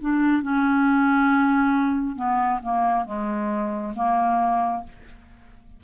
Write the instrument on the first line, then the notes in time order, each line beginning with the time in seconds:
clarinet
0.00 D4
0.42 C#4
2.15 B3
2.62 A#3
3.05 G#3
3.95 A#3